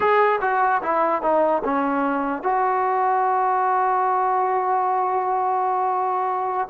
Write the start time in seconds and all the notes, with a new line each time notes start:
0.00 G#4
0.41 F#4
0.82 E4
1.22 D#4
1.64 C#4
2.42 F#4